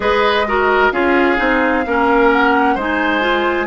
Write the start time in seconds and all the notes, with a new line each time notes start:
0.00 G#3 G#4 B4 D#5
0.47 F#4 A#4
0.91 C#4 F4 G#4 F5
1.37 C4 D#4
1.86 A#3 C#4 A#4
2.31 F#5
2.74 G#3 D#4 C5 G#5
3.20 F4